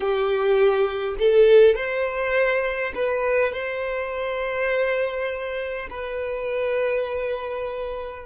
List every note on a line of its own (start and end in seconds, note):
0.00 1.15 G4
1.18 1.75 A4
1.75 2.93 C5
2.94 3.52 B4
3.52 5.88 C5
5.89 8.25 B4